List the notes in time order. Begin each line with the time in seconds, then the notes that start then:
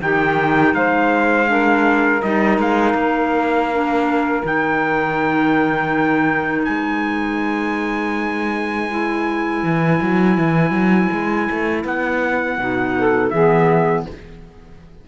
0.00 D#3 D#4 G4 G5
0.74 G#3 C5 F5
1.47 D4 A#4
2.22 G3 D#4 D#5
2.58 G#3 F5
2.94 A#3
3.72 D4
4.43 D#3 D#4 G5
6.64 G#3 B4 G#5
8.90 E4
9.63 E3
10.02 F#3
10.38 E3
10.71 F#3
11.12 G#3
11.50 A3
11.84 B3 F#5
12.58 B2 D#4
12.98 A4
13.30 E3 B3 G#4 E5